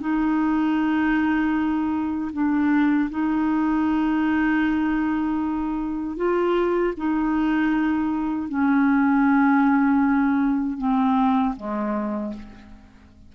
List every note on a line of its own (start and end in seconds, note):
0.00 2.31 D#4
2.33 3.09 D4
3.10 6.16 D#4
6.16 6.93 F4
6.97 8.49 D#4
8.49 10.78 C#4
10.78 11.55 C4
11.56 12.33 G#3